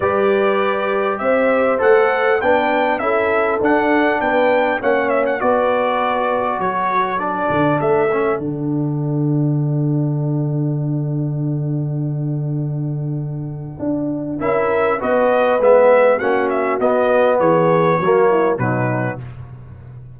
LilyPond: <<
  \new Staff \with { instrumentName = "trumpet" } { \time 4/4 \tempo 4 = 100 d''2 e''4 fis''4 | g''4 e''4 fis''4 g''4 | fis''8 e''16 fis''16 d''2 cis''4 | d''4 e''4 fis''2~ |
fis''1~ | fis''1 | e''4 dis''4 e''4 fis''8 e''8 | dis''4 cis''2 b'4 | }
  \new Staff \with { instrumentName = "horn" } { \time 4/4 b'2 c''2 | b'4 a'2 b'4 | cis''4 b'2 a'4~ | a'1~ |
a'1~ | a'1 | ais'4 b'2 fis'4~ | fis'4 gis'4 fis'8 e'8 dis'4 | }
  \new Staff \with { instrumentName = "trombone" } { \time 4/4 g'2. a'4 | d'4 e'4 d'2 | cis'4 fis'2. | d'4. cis'8 d'2~ |
d'1~ | d'1 | e'4 fis'4 b4 cis'4 | b2 ais4 fis4 | }
  \new Staff \with { instrumentName = "tuba" } { \time 4/4 g2 c'4 a4 | b4 cis'4 d'4 b4 | ais4 b2 fis4~ | fis8 d8 a4 d2~ |
d1~ | d2. d'4 | cis'4 b4 gis4 ais4 | b4 e4 fis4 b,4 | }
>>